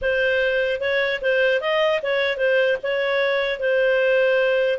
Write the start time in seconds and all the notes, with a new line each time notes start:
0.01 C5
0.80 C#5
1.21 C5
1.60 D#5
2.02 C#5
2.37 C5
2.82 C#5
3.59 C5